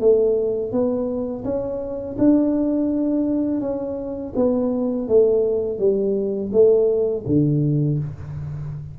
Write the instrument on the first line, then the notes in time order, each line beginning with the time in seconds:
tuba
0.00 A3
0.72 B3
1.44 C#4
2.18 D4
3.61 C#4
4.35 B3
5.08 A3
5.79 G3
6.52 A3
7.27 D3